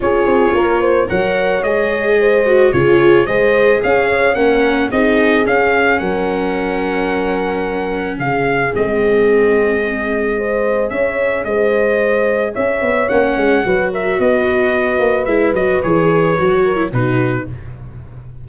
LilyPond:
<<
  \new Staff \with { instrumentName = "trumpet" } { \time 4/4 \tempo 4 = 110 cis''2 fis''4 dis''4~ | dis''4 cis''4 dis''4 f''4 | fis''4 dis''4 f''4 fis''4~ | fis''2. f''4 |
dis''1 | e''4 dis''2 e''4 | fis''4. e''8 dis''2 | e''8 dis''8 cis''2 b'4 | }
  \new Staff \with { instrumentName = "horn" } { \time 4/4 gis'4 ais'8 c''8 cis''2 | c''4 gis'4 c''4 cis''4 | ais'4 gis'2 ais'4~ | ais'2. gis'4~ |
gis'2. c''4 | cis''4 c''2 cis''4~ | cis''4 b'8 ais'8 b'2~ | b'2~ b'8 ais'8 fis'4 | }
  \new Staff \with { instrumentName = "viola" } { \time 4/4 f'2 ais'4 gis'4~ | gis'8 fis'8 f'4 gis'2 | cis'4 dis'4 cis'2~ | cis'1 |
c'2. gis'4~ | gis'1 | cis'4 fis'2. | e'8 fis'8 gis'4 fis'8. e'16 dis'4 | }
  \new Staff \with { instrumentName = "tuba" } { \time 4/4 cis'8 c'8 ais4 fis4 gis4~ | gis4 cis4 gis4 cis'4 | ais4 c'4 cis'4 fis4~ | fis2. cis4 |
gis1 | cis'4 gis2 cis'8 b8 | ais8 gis8 fis4 b4. ais8 | gis8 fis8 e4 fis4 b,4 | }
>>